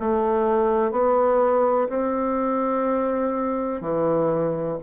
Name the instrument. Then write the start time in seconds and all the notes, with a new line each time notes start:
bassoon
0.00 A3
0.92 B3
1.90 C4
3.81 E3